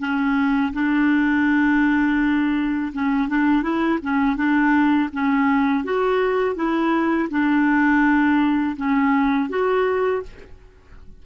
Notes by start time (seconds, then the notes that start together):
0.00 C#4
0.74 D4
2.93 C#4
3.29 D4
3.63 E4
4.03 C#4
4.37 D4
5.13 C#4
5.85 F#4
6.56 E4
7.31 D4
8.77 C#4
9.50 F#4